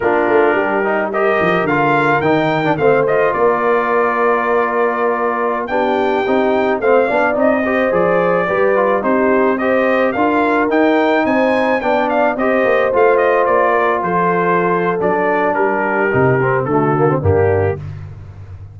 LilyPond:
<<
  \new Staff \with { instrumentName = "trumpet" } { \time 4/4 \tempo 4 = 108 ais'2 dis''4 f''4 | g''4 f''8 dis''8 d''2~ | d''2~ d''16 g''4.~ g''16~ | g''16 f''4 dis''4 d''4.~ d''16~ |
d''16 c''4 dis''4 f''4 g''8.~ | g''16 gis''4 g''8 f''8 dis''4 f''8 dis''16~ | dis''16 d''4 c''4.~ c''16 d''4 | ais'2 a'4 g'4 | }
  \new Staff \with { instrumentName = "horn" } { \time 4/4 f'4 g'4 ais'2~ | ais'4 c''4 ais'2~ | ais'2~ ais'16 g'4.~ g'16~ | g'16 c''8 d''4 c''4. b'8.~ |
b'16 g'4 c''4 ais'4.~ ais'16~ | ais'16 c''4 d''4 c''4.~ c''16~ | c''8. ais'8 a'2~ a'8. | g'2 fis'4 d'4 | }
  \new Staff \with { instrumentName = "trombone" } { \time 4/4 d'4. dis'8 g'4 f'4 | dis'8. d'16 c'8 f'2~ f'8~ | f'2~ f'16 d'4 dis'8.~ | dis'16 c'8 d'8 dis'8 g'8 gis'4 g'8 f'16~ |
f'16 dis'4 g'4 f'4 dis'8.~ | dis'4~ dis'16 d'4 g'4 f'8.~ | f'2. d'4~ | d'4 dis'8 c'8 a8 ais16 c'16 ais4 | }
  \new Staff \with { instrumentName = "tuba" } { \time 4/4 ais8 a8 g4. f8 d4 | dis4 a4 ais2~ | ais2~ ais16 b4 c'8.~ | c'16 a8 b8 c'4 f4 g8.~ |
g16 c'2 d'4 dis'8.~ | dis'16 c'4 b4 c'8 ais8 a8.~ | a16 ais4 f4.~ f16 fis4 | g4 c4 d4 g,4 | }
>>